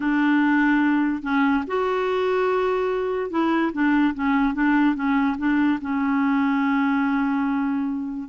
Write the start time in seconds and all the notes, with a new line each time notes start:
0.00 D4
1.22 C#4
1.67 F#4
3.30 E4
3.72 D4
4.14 C#4
4.54 D4
4.95 C#4
5.38 D4
5.81 C#4